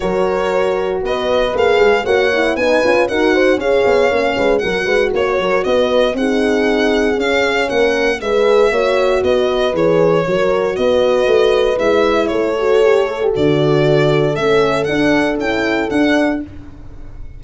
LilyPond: <<
  \new Staff \with { instrumentName = "violin" } { \time 4/4 \tempo 4 = 117 cis''2 dis''4 f''4 | fis''4 gis''4 fis''4 f''4~ | f''4 fis''4 cis''4 dis''4 | fis''2 f''4 fis''4 |
e''2 dis''4 cis''4~ | cis''4 dis''2 e''4 | cis''2 d''2 | e''4 fis''4 g''4 fis''4 | }
  \new Staff \with { instrumentName = "horn" } { \time 4/4 ais'2 b'2 | cis''4 b'4 ais'8 c''8 cis''4~ | cis''8 b'8 ais'8 b'8 cis''8 ais'8 b'4 | gis'2. ais'4 |
b'4 cis''4 b'2 | ais'4 b'2. | a'1~ | a'1 | }
  \new Staff \with { instrumentName = "horn" } { \time 4/4 fis'2. gis'4 | fis'8 e'8 dis'8 f'8 fis'4 gis'4 | cis'4 fis'2. | dis'2 cis'2 |
gis'4 fis'2 gis'4 | fis'2. e'4~ | e'8 fis'8 g'8 a'16 g'16 fis'2 | cis'4 d'4 e'4 d'4 | }
  \new Staff \with { instrumentName = "tuba" } { \time 4/4 fis2 b4 ais8 gis8 | ais4 b8 cis'8 dis'4 cis'8 b8 | ais8 gis8 fis8 gis8 ais8 fis8 b4 | c'2 cis'4 ais4 |
gis4 ais4 b4 e4 | fis4 b4 a4 gis4 | a2 d2 | a4 d'4 cis'4 d'4 | }
>>